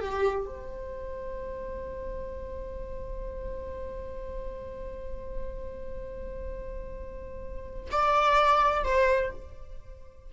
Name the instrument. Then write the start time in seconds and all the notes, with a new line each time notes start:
viola
0.00 G4
0.46 C5
7.91 D5
8.84 C5